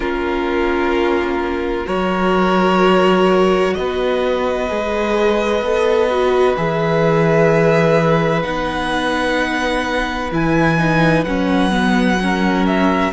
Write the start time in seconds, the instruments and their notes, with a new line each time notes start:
0.00 cello A#3, viola C#4, violin F4 A#4
1.85 cello F#3, viola F#4, violin A#4 C#5
3.73 cello B3, violin B4 D#5
4.68 cello G#3, viola G#4
5.61 cello B3, viola A4
6.10 viola F#4
6.56 cello E3, viola G#4, violin E5
8.42 cello B3, viola D#4, violin F#5
10.31 cello E3, viola E4, violin G#5
10.77 viola D#4
11.24 cello F#3, viola C#4, violin F#5
11.70 viola B3
12.21 viola C#4, violin A#4
12.66 violin E5